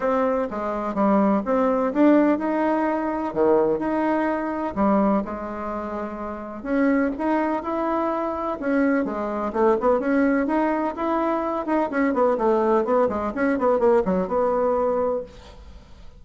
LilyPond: \new Staff \with { instrumentName = "bassoon" } { \time 4/4 \tempo 4 = 126 c'4 gis4 g4 c'4 | d'4 dis'2 dis4 | dis'2 g4 gis4~ | gis2 cis'4 dis'4 |
e'2 cis'4 gis4 | a8 b8 cis'4 dis'4 e'4~ | e'8 dis'8 cis'8 b8 a4 b8 gis8 | cis'8 b8 ais8 fis8 b2 | }